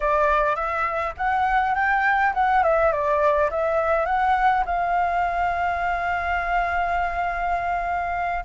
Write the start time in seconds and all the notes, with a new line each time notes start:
0.00 D5
0.55 E5
1.17 F#5
1.74 G5
2.34 F#5
2.63 E5
2.92 D5
3.50 E5
4.05 F#5
4.65 F5